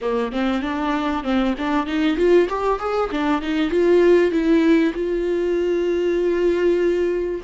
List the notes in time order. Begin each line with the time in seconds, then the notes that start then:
0.01 A#3
0.31 C4
0.62 D4
1.23 C4
1.58 D4
1.86 D#4
2.16 F4
2.49 G4
2.79 G#4
3.11 D4
3.41 D#4
3.70 F4
4.31 E4
4.93 F4